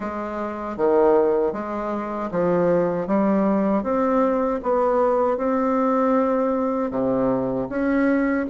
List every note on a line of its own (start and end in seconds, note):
0.00 0.77 G#3
0.77 1.52 D#3
1.52 2.29 G#3
2.31 3.07 F3
3.07 3.83 G3
3.83 4.60 C4
4.63 5.37 B3
5.37 6.90 C4
6.90 7.67 C3
7.69 8.46 C#4